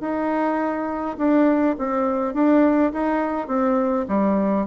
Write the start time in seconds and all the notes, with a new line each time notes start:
0.00 D#4
1.18 D4
1.78 C4
2.34 D4
2.93 D#4
3.47 C4
4.08 G3